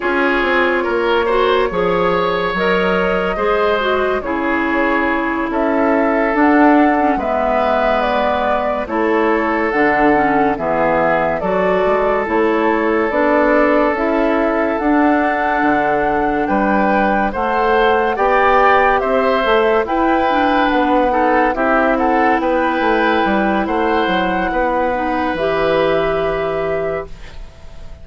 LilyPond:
<<
  \new Staff \with { instrumentName = "flute" } { \time 4/4 \tempo 4 = 71 cis''2. dis''4~ | dis''4 cis''4. e''4 fis''8~ | fis''8 e''4 d''4 cis''4 fis''8~ | fis''8 e''4 d''4 cis''4 d''8~ |
d''8 e''4 fis''2 g''8~ | g''8 fis''4 g''4 e''4 g''8~ | g''8 fis''4 e''8 fis''8 g''4. | fis''2 e''2 | }
  \new Staff \with { instrumentName = "oboe" } { \time 4/4 gis'4 ais'8 c''8 cis''2 | c''4 gis'4. a'4.~ | a'8 b'2 a'4.~ | a'8 gis'4 a'2~ a'8~ |
a'2.~ a'8 b'8~ | b'8 c''4 d''4 c''4 b'8~ | b'4 a'8 g'8 a'8 b'4. | c''4 b'2. | }
  \new Staff \with { instrumentName = "clarinet" } { \time 4/4 f'4. fis'8 gis'4 ais'4 | gis'8 fis'8 e'2~ e'8 d'8~ | d'16 cis'16 b2 e'4 d'8 | cis'8 b4 fis'4 e'4 d'8~ |
d'8 e'4 d'2~ d'8~ | d'8 a'4 g'4. a'8 e'8 | d'4 dis'8 e'2~ e'8~ | e'4. dis'8 g'2 | }
  \new Staff \with { instrumentName = "bassoon" } { \time 4/4 cis'8 c'8 ais4 f4 fis4 | gis4 cis4. cis'4 d'8~ | d'8 gis2 a4 d8~ | d8 e4 fis8 gis8 a4 b8~ |
b8 cis'4 d'4 d4 g8~ | g8 a4 b4 c'8 a8 e'8~ | e'8 b4 c'4 b8 a8 g8 | a8 fis8 b4 e2 | }
>>